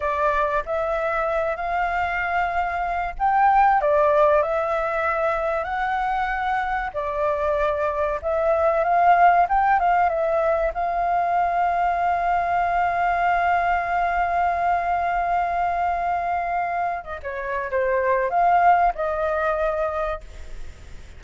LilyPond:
\new Staff \with { instrumentName = "flute" } { \time 4/4 \tempo 4 = 95 d''4 e''4. f''4.~ | f''4 g''4 d''4 e''4~ | e''4 fis''2 d''4~ | d''4 e''4 f''4 g''8 f''8 |
e''4 f''2.~ | f''1~ | f''2. dis''16 cis''8. | c''4 f''4 dis''2 | }